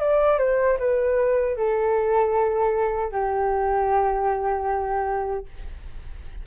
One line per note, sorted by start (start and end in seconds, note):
0.00 0.39 D5
0.39 0.78 C5
0.79 1.57 B4
1.57 3.12 A4
3.12 5.46 G4